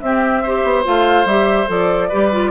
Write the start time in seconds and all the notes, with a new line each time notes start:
0.00 C4 G4 E5
0.43 G4 C5
0.63 B3
0.84 A3 F4 F5
1.25 G3 G4 E5
1.67 F3 A4 D5
2.09 G3 G4 B4
2.32 F4